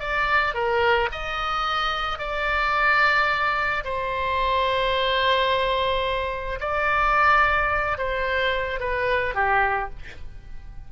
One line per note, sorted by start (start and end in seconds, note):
0.00 0.54 D5
0.54 1.09 A#4
1.12 2.19 D#5
2.19 3.84 D5
3.84 6.60 C5
6.61 7.98 D5
7.98 8.80 C5
8.80 9.35 B4
9.35 9.90 G4